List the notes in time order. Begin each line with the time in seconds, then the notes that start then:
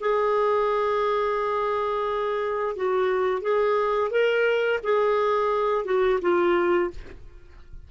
0.00 G#4
2.76 F#4
3.41 G#4
4.10 A#4
4.83 G#4
5.85 F#4
6.21 F4